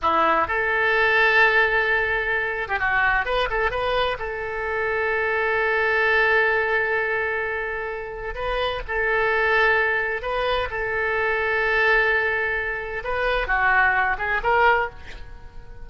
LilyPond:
\new Staff \with { instrumentName = "oboe" } { \time 4/4 \tempo 4 = 129 e'4 a'2.~ | a'4.~ a'16 g'16 fis'4 b'8 a'8 | b'4 a'2.~ | a'1~ |
a'2 b'4 a'4~ | a'2 b'4 a'4~ | a'1 | b'4 fis'4. gis'8 ais'4 | }